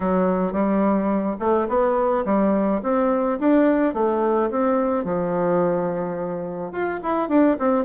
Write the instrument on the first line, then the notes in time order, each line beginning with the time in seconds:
bassoon
0.00 F#3
0.52 G3
1.39 A3
1.68 B3
2.25 G3
2.82 C4
3.39 D4
3.94 A3
4.50 C4
5.04 F3
6.72 F4
7.02 E4
7.28 D4
7.59 C4